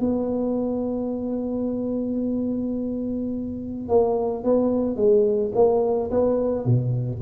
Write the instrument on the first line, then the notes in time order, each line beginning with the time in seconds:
tuba
0.00 B3
3.89 A#3
4.44 B3
4.96 G#3
5.55 A#3
6.11 B3
6.65 B2